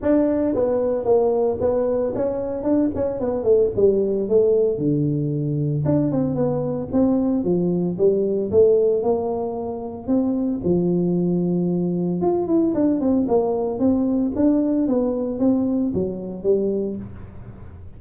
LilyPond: \new Staff \with { instrumentName = "tuba" } { \time 4/4 \tempo 4 = 113 d'4 b4 ais4 b4 | cis'4 d'8 cis'8 b8 a8 g4 | a4 d2 d'8 c'8 | b4 c'4 f4 g4 |
a4 ais2 c'4 | f2. f'8 e'8 | d'8 c'8 ais4 c'4 d'4 | b4 c'4 fis4 g4 | }